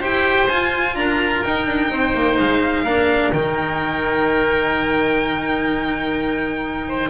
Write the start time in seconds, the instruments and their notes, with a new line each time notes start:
0.00 double bass E4, cello G4, oboe C5, violin G5
0.48 double bass F4, cello F4, violin G#5
0.95 double bass D4, oboe A#4, violin A#5
1.42 cello D#4, double bass D#4, violin G5
1.66 double bass D4
1.90 double bass C4, oboe C5
2.14 double bass A#3
2.39 double bass G#3, violin F5
2.83 double bass A#3, cello D4, oboe A#4
3.33 double bass D#3, cello D#4, violin G5
6.88 oboe C5